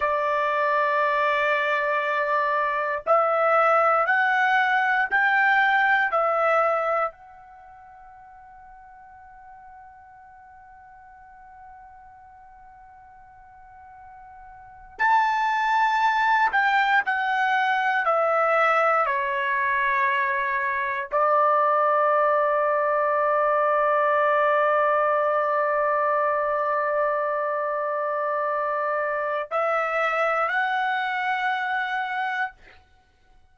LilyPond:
\new Staff \with { instrumentName = "trumpet" } { \time 4/4 \tempo 4 = 59 d''2. e''4 | fis''4 g''4 e''4 fis''4~ | fis''1~ | fis''2~ fis''8. a''4~ a''16~ |
a''16 g''8 fis''4 e''4 cis''4~ cis''16~ | cis''8. d''2.~ d''16~ | d''1~ | d''4 e''4 fis''2 | }